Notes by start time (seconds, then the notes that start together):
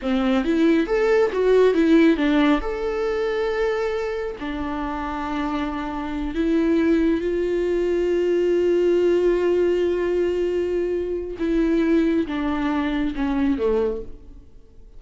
0.02 C4
0.44 E4
0.87 A4
1.32 F#4
1.74 E4
2.16 D4
2.61 A4
4.39 D4
6.34 E4
7.20 F4
11.38 E4
12.26 D4
13.15 C#4
13.57 A3